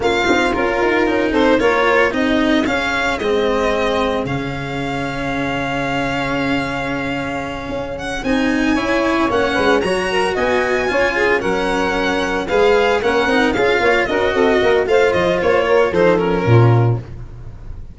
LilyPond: <<
  \new Staff \with { instrumentName = "violin" } { \time 4/4 \tempo 4 = 113 f''4 ais'4. c''8 cis''4 | dis''4 f''4 dis''2 | f''1~ | f''2. fis''8 gis''8~ |
gis''4. fis''4 ais''4 gis''8~ | gis''4. fis''2 f''8~ | f''8 fis''4 f''4 dis''4. | f''8 dis''8 cis''4 c''8 ais'4. | }
  \new Staff \with { instrumentName = "saxophone" } { \time 4/4 f'2~ f'8 a'8 ais'4 | gis'1~ | gis'1~ | gis'1~ |
gis'8 cis''4. b'8 cis''8 ais'8 dis''8~ | dis''8 cis''8 gis'8 ais'2 b'8~ | b'8 ais'4 gis'8 cis''8 ais'8 a'8 ais'8 | c''4. ais'8 a'4 f'4 | }
  \new Staff \with { instrumentName = "cello" } { \time 4/4 cis'8 dis'8 f'4 dis'4 f'4 | dis'4 cis'4 c'2 | cis'1~ | cis'2.~ cis'8 dis'8~ |
dis'8 e'4 cis'4 fis'4.~ | fis'8 f'4 cis'2 gis'8~ | gis'8 cis'8 dis'8 f'4 fis'4. | f'2 dis'8 cis'4. | }
  \new Staff \with { instrumentName = "tuba" } { \time 4/4 ais8 c'8 cis'8 dis'8 cis'8 c'8 ais4 | c'4 cis'4 gis2 | cis1~ | cis2~ cis8 cis'4 c'8~ |
c'8 cis'4 ais8 gis8 fis4 b8~ | b8 cis'4 fis2 gis8~ | gis8 ais8 c'8 cis'8 ais8 cis'8 c'8 ais8 | a8 f8 ais4 f4 ais,4 | }
>>